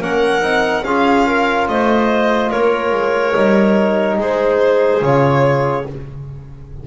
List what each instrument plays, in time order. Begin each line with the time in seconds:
0.00 double bass A#3, trombone C#4, clarinet A#4, violin F#5
0.41 double bass C4, trombone D#4
0.84 double bass C#4, trombone F4, clarinet G#4, violin F5
1.27 clarinet A#4
1.68 double bass A3, clarinet C5, violin D#5
2.50 double bass A#3, clarinet A#4, violin C#5
2.91 double bass G#3
3.35 double bass G3, trombone D#4
4.18 double bass G#3, clarinet G#4, violin C5
5.02 double bass C#3, trombone F4, violin C#5